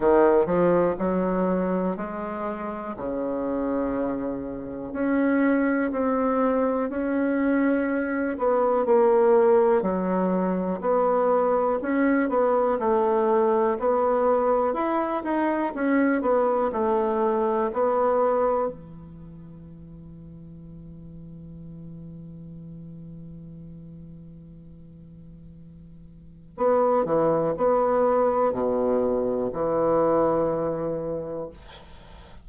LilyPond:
\new Staff \with { instrumentName = "bassoon" } { \time 4/4 \tempo 4 = 61 dis8 f8 fis4 gis4 cis4~ | cis4 cis'4 c'4 cis'4~ | cis'8 b8 ais4 fis4 b4 | cis'8 b8 a4 b4 e'8 dis'8 |
cis'8 b8 a4 b4 e4~ | e1~ | e2. b8 e8 | b4 b,4 e2 | }